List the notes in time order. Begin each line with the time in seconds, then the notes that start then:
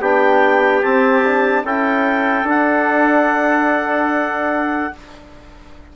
0.00 B3 D4 G4 G5
0.82 C4 A5
1.25 D4
1.63 C#4 E4 A4 G5
2.43 D4 F#5